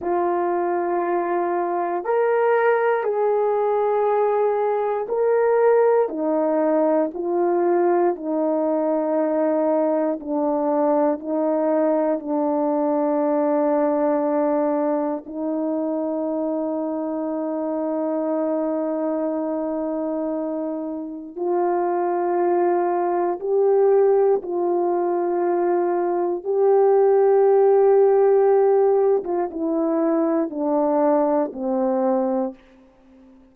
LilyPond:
\new Staff \with { instrumentName = "horn" } { \time 4/4 \tempo 4 = 59 f'2 ais'4 gis'4~ | gis'4 ais'4 dis'4 f'4 | dis'2 d'4 dis'4 | d'2. dis'4~ |
dis'1~ | dis'4 f'2 g'4 | f'2 g'2~ | g'8. f'16 e'4 d'4 c'4 | }